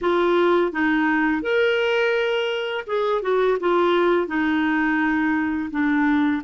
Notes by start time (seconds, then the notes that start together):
0.01 F4
0.72 D#4
1.42 A#4
2.86 G#4
3.22 F#4
3.59 F4
4.27 D#4
5.70 D4